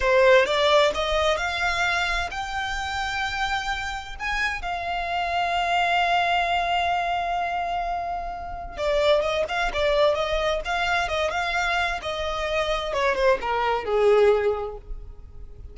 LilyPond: \new Staff \with { instrumentName = "violin" } { \time 4/4 \tempo 4 = 130 c''4 d''4 dis''4 f''4~ | f''4 g''2.~ | g''4 gis''4 f''2~ | f''1~ |
f''2. d''4 | dis''8 f''8 d''4 dis''4 f''4 | dis''8 f''4. dis''2 | cis''8 c''8 ais'4 gis'2 | }